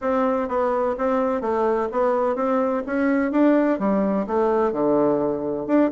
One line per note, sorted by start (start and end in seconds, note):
0.01 0.48 C4
0.48 0.95 B3
0.97 1.41 C4
1.41 1.88 A3
1.91 2.35 B3
2.35 2.82 C4
2.86 3.31 C#4
3.31 3.79 D4
3.79 4.26 G3
4.26 4.72 A3
4.72 5.66 D3
5.66 5.90 D4